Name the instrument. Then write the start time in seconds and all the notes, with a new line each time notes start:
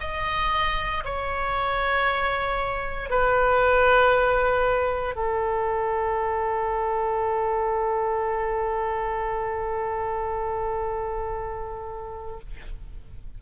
oboe
0.00 D#5
1.04 C#5
3.09 B4
5.15 A4